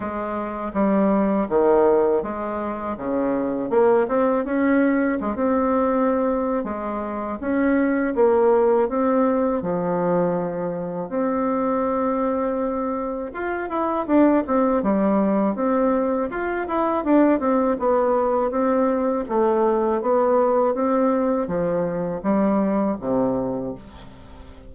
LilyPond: \new Staff \with { instrumentName = "bassoon" } { \time 4/4 \tempo 4 = 81 gis4 g4 dis4 gis4 | cis4 ais8 c'8 cis'4 gis16 c'8.~ | c'4 gis4 cis'4 ais4 | c'4 f2 c'4~ |
c'2 f'8 e'8 d'8 c'8 | g4 c'4 f'8 e'8 d'8 c'8 | b4 c'4 a4 b4 | c'4 f4 g4 c4 | }